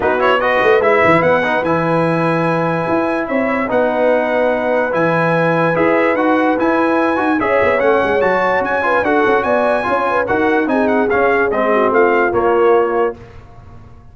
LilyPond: <<
  \new Staff \with { instrumentName = "trumpet" } { \time 4/4 \tempo 4 = 146 b'8 cis''8 dis''4 e''4 fis''4 | gis''1 | e''4 fis''2. | gis''2 e''4 fis''4 |
gis''2 e''4 fis''4 | a''4 gis''4 fis''4 gis''4~ | gis''4 fis''4 gis''8 fis''8 f''4 | dis''4 f''4 cis''2 | }
  \new Staff \with { instrumentName = "horn" } { \time 4/4 fis'4 b'2.~ | b'1 | cis''4 b'2.~ | b'1~ |
b'2 cis''2~ | cis''4. b'8 a'4 d''4 | cis''8 b'8 ais'4 gis'2~ | gis'8 fis'8 f'2. | }
  \new Staff \with { instrumentName = "trombone" } { \time 4/4 dis'8 e'8 fis'4 e'4. dis'8 | e'1~ | e'4 dis'2. | e'2 gis'4 fis'4 |
e'4. fis'8 gis'4 cis'4 | fis'4. f'8 fis'2 | f'4 fis'4 dis'4 cis'4 | c'2 ais2 | }
  \new Staff \with { instrumentName = "tuba" } { \time 4/4 b4. a8 gis8 e8 b4 | e2. e'4 | c'4 b2. | e2 e'4 dis'4 |
e'4. dis'8 cis'8 b8 a8 gis8 | fis4 cis'4 d'8 cis'8 b4 | cis'4 dis'4 c'4 cis'4 | gis4 a4 ais2 | }
>>